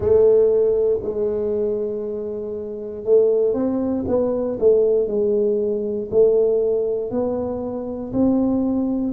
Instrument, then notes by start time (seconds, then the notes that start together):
tuba
0.00 A3
1.02 G#3
3.04 A3
3.53 C4
4.07 B3
4.59 A3
5.07 G#3
6.11 A3
7.10 B3
8.12 C4